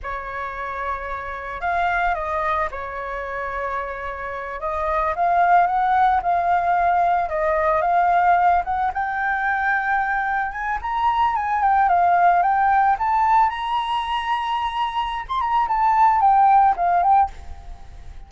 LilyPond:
\new Staff \with { instrumentName = "flute" } { \time 4/4 \tempo 4 = 111 cis''2. f''4 | dis''4 cis''2.~ | cis''8 dis''4 f''4 fis''4 f''8~ | f''4. dis''4 f''4. |
fis''8 g''2. gis''8 | ais''4 gis''8 g''8 f''4 g''4 | a''4 ais''2.~ | ais''16 c'''16 ais''8 a''4 g''4 f''8 g''8 | }